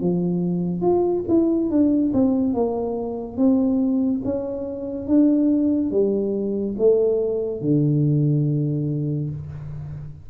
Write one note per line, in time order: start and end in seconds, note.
0.00 0.81 F3
0.81 1.23 F4
1.28 1.70 E4
1.70 2.12 D4
2.13 2.54 C4
2.54 3.36 A#3
3.36 4.21 C4
4.24 5.07 C#4
5.07 5.90 D4
5.90 6.75 G3
6.78 7.61 A3
7.61 9.30 D3